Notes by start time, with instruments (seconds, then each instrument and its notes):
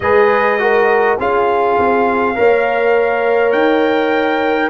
0.00 tuba G#3, trombone G#4, horn B4, trumpet D#5
0.59 trombone F#4, horn A#4
1.19 tuba C#4, trombone F4, horn G#4, trumpet F5
1.78 tuba C4
2.35 tuba A#3, trombone A#4, horn C#5
3.52 tuba D#4, trumpet G5